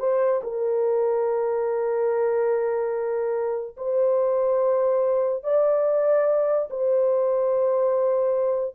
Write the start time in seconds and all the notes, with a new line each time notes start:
0.00 C5
0.44 A#4
3.77 C5
5.44 D5
6.70 C5